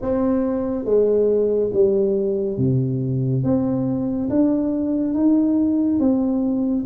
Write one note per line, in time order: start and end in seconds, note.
0.01 0.85 C4
0.85 1.70 G#3
1.73 2.57 G3
2.57 3.43 C3
3.43 4.29 C4
4.29 5.14 D4
5.14 5.99 D#4
5.99 6.85 C4